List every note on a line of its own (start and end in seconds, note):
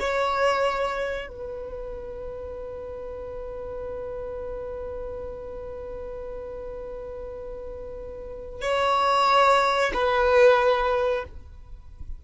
0.00 1.28 C#5
1.28 8.62 B4
8.62 9.92 C#5
9.94 11.24 B4